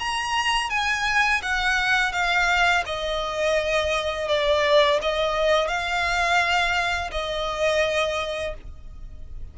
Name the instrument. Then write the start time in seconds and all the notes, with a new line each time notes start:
violin
0.00 A#5
0.70 G#5
1.43 F#5
2.13 F5
2.86 D#5
4.29 D5
5.02 D#5
5.68 F5
7.12 D#5